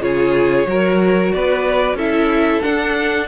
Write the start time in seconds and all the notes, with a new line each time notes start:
0.00 C#3 F4 G#4 C#5
0.66 F#3 F#4 A#4
1.32 B3 B4 D5
1.93 C#4 E4 A4 E5
2.62 D4 F#5